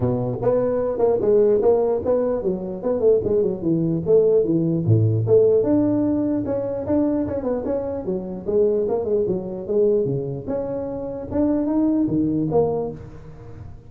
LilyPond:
\new Staff \with { instrumentName = "tuba" } { \time 4/4 \tempo 4 = 149 b,4 b4. ais8 gis4 | ais4 b4 fis4 b8 a8 | gis8 fis8 e4 a4 e4 | a,4 a4 d'2 |
cis'4 d'4 cis'8 b8 cis'4 | fis4 gis4 ais8 gis8 fis4 | gis4 cis4 cis'2 | d'4 dis'4 dis4 ais4 | }